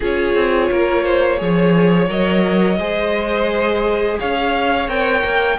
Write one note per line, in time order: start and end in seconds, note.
0.00 0.34 C#4
0.00 1.37 F4
0.00 0.69 G#4
0.00 2.09 C#5
0.34 0.69 C4
0.70 1.41 A#3
0.70 1.03 A#4
1.03 1.38 C5
1.37 2.08 F3
1.37 2.07 G#4
1.37 2.78 C#5
2.08 2.78 F#3
2.08 2.78 A#4
2.08 4.19 D#5
2.78 4.18 G#3
2.78 4.87 G#4
2.78 4.18 C5
4.19 4.87 C#4
4.19 5.58 C#5
4.19 4.89 F5
4.87 5.22 C4
4.87 5.57 A#4
4.87 5.58 G5
5.24 5.58 A#3